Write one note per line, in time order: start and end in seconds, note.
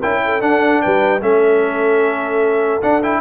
0.00 0.42 C#4
0.00 0.41 E4
0.00 0.20 A#4
0.00 0.41 G5
0.25 0.83 A4
0.41 1.21 D4
0.41 0.82 D4
0.41 0.81 F#5
0.82 1.22 G3
0.82 1.22 B4
0.82 1.22 G5
1.21 2.82 A3
1.21 2.81 C#4
1.21 3.21 A4
1.21 2.82 E5
2.82 3.02 D4
2.82 3.21 D4
2.82 3.02 F#5
3.03 3.21 E4
3.03 3.21 G5